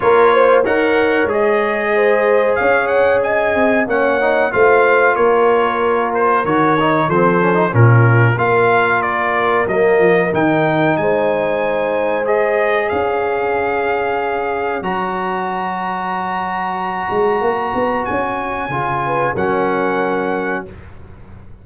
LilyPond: <<
  \new Staff \with { instrumentName = "trumpet" } { \time 4/4 \tempo 4 = 93 cis''4 fis''4 dis''2 | f''8 fis''8 gis''4 fis''4 f''4 | cis''4. c''8 cis''4 c''4 | ais'4 f''4 d''4 dis''4 |
g''4 gis''2 dis''4 | f''2. ais''4~ | ais''1 | gis''2 fis''2 | }
  \new Staff \with { instrumentName = "horn" } { \time 4/4 ais'8 c''8 cis''2 c''4 | cis''4 dis''4 cis''4 c''4 | ais'2. a'4 | f'4 ais'2.~ |
ais'4 c''2. | cis''1~ | cis''1~ | cis''4. b'8 ais'2 | }
  \new Staff \with { instrumentName = "trombone" } { \time 4/4 f'4 ais'4 gis'2~ | gis'2 cis'8 dis'8 f'4~ | f'2 fis'8 dis'8 c'8 cis'16 dis'16 | cis'4 f'2 ais4 |
dis'2. gis'4~ | gis'2. fis'4~ | fis'1~ | fis'4 f'4 cis'2 | }
  \new Staff \with { instrumentName = "tuba" } { \time 4/4 ais4 dis'4 gis2 | cis'4. c'8 ais4 a4 | ais2 dis4 f4 | ais,4 ais2 fis8 f8 |
dis4 gis2. | cis'2. fis4~ | fis2~ fis8 gis8 ais8 b8 | cis'4 cis4 fis2 | }
>>